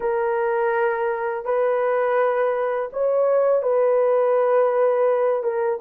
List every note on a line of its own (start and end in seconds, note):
0.00 1.44 A#4
1.45 2.89 B4
2.92 3.62 C#5
3.62 5.43 B4
5.43 5.79 A#4